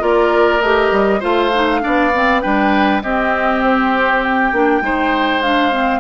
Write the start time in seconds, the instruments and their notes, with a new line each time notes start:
0.00 bassoon A#3, clarinet F4, oboe A#4, flute D5
0.61 bassoon A3, clarinet G4, flute D#5
0.92 bassoon G3
1.20 bassoon A3, clarinet F4, oboe C5, flute F5
1.54 clarinet D#4
1.81 bassoon B3, clarinet D4, oboe D5
2.14 clarinet C4
2.41 bassoon G3, clarinet D4, oboe B4, flute G5
3.02 bassoon C4, clarinet C4, oboe G4, flute D#5
3.64 flute C5
4.24 flute G5
4.53 bassoon A#3, clarinet D4
4.81 bassoon G#3, clarinet D#4, oboe C5
5.42 clarinet D4, flute F5
5.71 clarinet C4